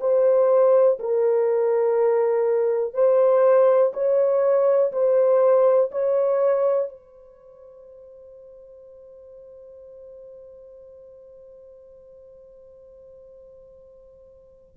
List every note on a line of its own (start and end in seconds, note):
0.00 0.98 C5
0.99 2.94 A#4
2.94 3.92 C5
3.93 4.91 C#5
4.92 5.90 C5
5.91 6.89 C#5
6.89 14.76 C5